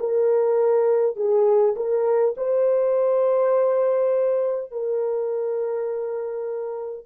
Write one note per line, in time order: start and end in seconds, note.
0.00 1.17 A#4
1.17 1.75 G#4
1.76 2.35 A#4
2.37 4.72 C5
4.72 7.06 A#4